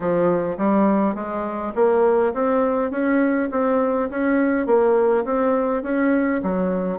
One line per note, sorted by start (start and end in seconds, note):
0.00 0.57 F3
0.57 1.14 G3
1.14 1.73 G#3
1.75 2.33 A#3
2.33 2.90 C4
2.90 3.49 C#4
3.51 4.09 C4
4.09 4.66 C#4
4.66 5.24 A#3
5.24 5.83 C4
5.83 6.41 C#4
6.42 6.98 F#3